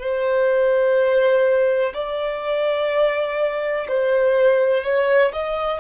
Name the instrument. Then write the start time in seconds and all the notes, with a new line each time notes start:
violin
0.00 C5
1.94 D5
3.88 C5
4.83 C#5
5.33 D#5